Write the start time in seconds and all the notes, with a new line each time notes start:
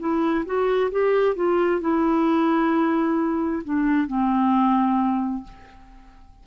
0.00 E4
0.46 F#4
0.92 G4
1.36 F4
1.81 E4
3.64 D4
4.07 C4